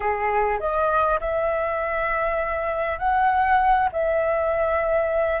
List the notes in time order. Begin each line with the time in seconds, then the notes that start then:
0.00 G#4
0.59 D#5
1.20 E5
2.98 F#5
3.92 E5